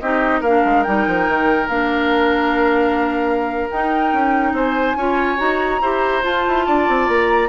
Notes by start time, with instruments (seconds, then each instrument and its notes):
0.00 bassoon C4, clarinet D#4, oboe G4, flute D#5
0.41 bassoon A#3, clarinet D4, oboe A#4, flute F5
0.65 bassoon G#3
0.84 bassoon G3, clarinet D#4, flute G5
1.08 bassoon F3
1.28 bassoon D#3
1.69 bassoon A#3, clarinet D4, flute F5
3.71 clarinet D#4, bassoon D#4, flute G5
4.13 bassoon C#4
4.53 bassoon C4, oboe C5, flute G#5
4.96 bassoon C#4, clarinet F4, oboe C#5
5.38 bassoon D#4, clarinet F#4, flute A#5
5.82 bassoon E4, clarinet G4, oboe C5
6.23 clarinet F4, bassoon F4, flute A5
6.49 bassoon E4
6.67 bassoon D4, oboe D5
6.89 bassoon C4
7.09 bassoon A#3, flute A#5